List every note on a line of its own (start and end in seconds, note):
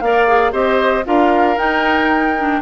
0.00 0.52 A#3
0.00 0.27 A#4
0.00 0.52 D5
0.00 0.52 F5
0.27 0.51 G#4
0.51 1.04 C4
0.51 1.04 G4
0.51 1.04 C5
0.51 1.04 D#5
1.04 1.57 D4
1.04 1.56 F4
1.04 2.61 A#4
1.04 1.57 F5
1.57 2.61 D#4
1.57 2.36 D#4
1.57 2.61 G5
2.37 2.61 D4